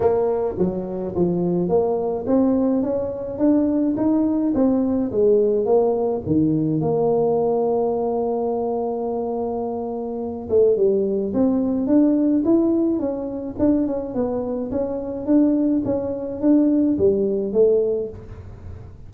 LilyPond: \new Staff \with { instrumentName = "tuba" } { \time 4/4 \tempo 4 = 106 ais4 fis4 f4 ais4 | c'4 cis'4 d'4 dis'4 | c'4 gis4 ais4 dis4 | ais1~ |
ais2~ ais8 a8 g4 | c'4 d'4 e'4 cis'4 | d'8 cis'8 b4 cis'4 d'4 | cis'4 d'4 g4 a4 | }